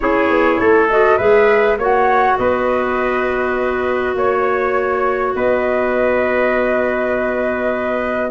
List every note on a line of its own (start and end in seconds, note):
0.00 0.29 C#4
0.00 0.89 E4
0.00 0.60 G#4
0.00 0.88 C#5
0.29 0.59 B3
0.59 1.19 A3
0.59 1.17 A4
0.89 1.19 F#4
0.89 1.18 D#5
1.17 1.77 G#3
1.17 1.79 G#4
1.17 1.77 B4
1.17 1.77 E5
1.77 2.37 A#3
1.77 8.31 F#4
1.77 2.38 C#5
1.77 2.37 F#5
2.37 4.15 B3
2.37 4.17 B4
2.37 4.16 D#5
4.15 5.34 A#3
4.15 5.35 C#5
5.35 8.31 B3
5.35 8.31 B4
5.35 8.31 D#5